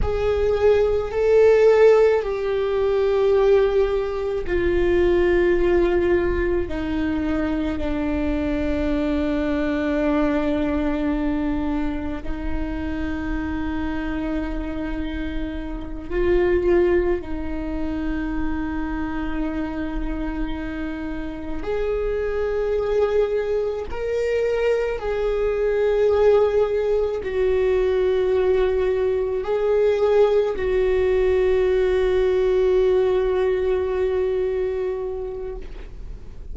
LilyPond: \new Staff \with { instrumentName = "viola" } { \time 4/4 \tempo 4 = 54 gis'4 a'4 g'2 | f'2 dis'4 d'4~ | d'2. dis'4~ | dis'2~ dis'8 f'4 dis'8~ |
dis'2.~ dis'8 gis'8~ | gis'4. ais'4 gis'4.~ | gis'8 fis'2 gis'4 fis'8~ | fis'1 | }